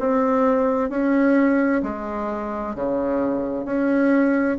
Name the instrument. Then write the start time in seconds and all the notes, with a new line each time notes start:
bassoon
0.00 C4
0.90 C#4
1.83 G#3
2.75 C#3
3.65 C#4